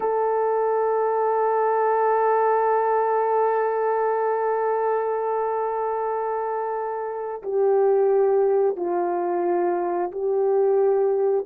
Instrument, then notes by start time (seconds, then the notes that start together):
horn
0.00 A4
7.42 G4
8.76 F4
10.11 G4